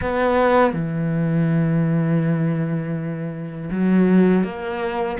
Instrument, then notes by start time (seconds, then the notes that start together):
cello
0.01 B3
0.73 E3
3.70 F#3
4.43 A#3